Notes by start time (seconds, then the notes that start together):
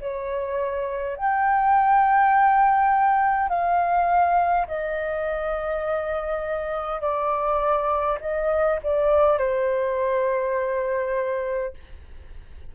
0.00 C#5
1.16 G5
3.49 F5
4.67 D#5
7.01 D5
8.20 D#5
8.83 D5
9.38 C5